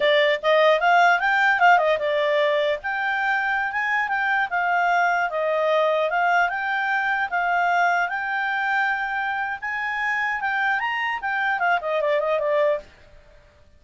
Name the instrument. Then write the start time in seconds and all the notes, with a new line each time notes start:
clarinet
0.00 D5
0.42 D#5
0.79 F5
1.19 G5
1.59 F5
1.78 D#5
1.99 D5
2.82 G5
3.72 G#5
4.08 G5
4.49 F5
5.30 D#5
6.10 F5
6.49 G5
7.30 F5
8.08 G5
9.61 G#5
10.40 G5
10.79 A#5
11.21 G5
11.59 F5
11.81 D#5
12.01 D5
12.19 D#5
12.39 D5